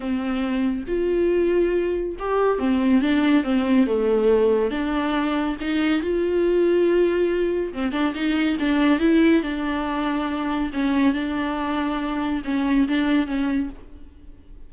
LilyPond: \new Staff \with { instrumentName = "viola" } { \time 4/4 \tempo 4 = 140 c'2 f'2~ | f'4 g'4 c'4 d'4 | c'4 a2 d'4~ | d'4 dis'4 f'2~ |
f'2 c'8 d'8 dis'4 | d'4 e'4 d'2~ | d'4 cis'4 d'2~ | d'4 cis'4 d'4 cis'4 | }